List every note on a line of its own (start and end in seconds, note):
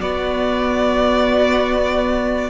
0.00 2.50 B3
0.00 2.50 F#4
0.00 2.50 D5